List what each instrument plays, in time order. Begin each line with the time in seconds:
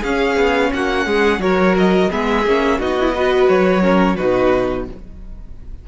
0.00 cello C#4, viola C#4, violin G#4 F5
0.36 cello B3
0.73 cello A#3, violin F#4 F#5
1.05 cello G#3, violin G#4
1.38 cello F#3, viola F#4, violin A#4 C#5
1.77 violin D#5
2.10 cello G#3, viola B3, violin G#4 E5
2.46 cello A#3, viola C#4
2.78 cello B3, viola D#4, violin F#4 D#5
3.00 viola E4
3.15 viola F#4, violin B4
3.48 cello F#3, violin C#5
3.82 viola C#4, violin A#4
4.16 cello B2, viola D#4, violin F#4 B4